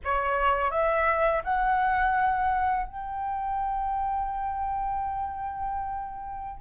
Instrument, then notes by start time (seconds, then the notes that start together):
flute
0.04 C#5
0.70 E5
1.44 F#5
2.86 G5